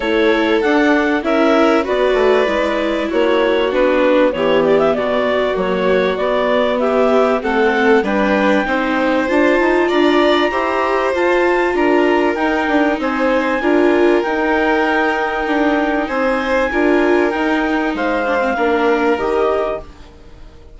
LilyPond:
<<
  \new Staff \with { instrumentName = "clarinet" } { \time 4/4 \tempo 4 = 97 cis''4 fis''4 e''4 d''4~ | d''4 cis''4 b'4 cis''8 d''16 e''16 | d''4 cis''4 d''4 e''4 | fis''4 g''2 a''4 |
ais''2 a''4 ais''4 | g''4 gis''2 g''4~ | g''2 gis''2 | g''4 f''2 dis''4 | }
  \new Staff \with { instrumentName = "violin" } { \time 4/4 a'2 ais'4 b'4~ | b'4 fis'2 g'4 | fis'2. g'4 | a'4 b'4 c''2 |
d''4 c''2 ais'4~ | ais'4 c''4 ais'2~ | ais'2 c''4 ais'4~ | ais'4 c''4 ais'2 | }
  \new Staff \with { instrumentName = "viola" } { \time 4/4 e'4 d'4 e'4 fis'4 | e'2 d'4 b4~ | b4 ais4 b2 | c'4 d'4 dis'4 f'4~ |
f'4 g'4 f'2 | dis'2 f'4 dis'4~ | dis'2. f'4 | dis'4. d'16 c'16 d'4 g'4 | }
  \new Staff \with { instrumentName = "bassoon" } { \time 4/4 a4 d'4 cis'4 b8 a8 | gis4 ais4 b4 e4 | b,4 fis4 b2 | a4 g4 c'4 d'8 dis'8 |
d'4 e'4 f'4 d'4 | dis'8 d'8 c'4 d'4 dis'4~ | dis'4 d'4 c'4 d'4 | dis'4 gis4 ais4 dis4 | }
>>